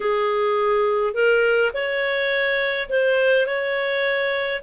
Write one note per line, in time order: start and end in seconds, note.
0.00 1.14 G#4
1.14 1.72 A#4
1.73 2.88 C#5
2.89 3.46 C5
3.46 4.62 C#5